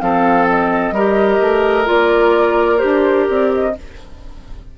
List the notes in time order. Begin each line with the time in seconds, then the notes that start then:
0.00 F3 C4 A4 F5
0.48 D#5
0.91 G3 G4 A#4
1.40 A3
1.86 A#3 F4 D5
2.78 D4 G4 C5
3.29 C4 D5
3.54 D#5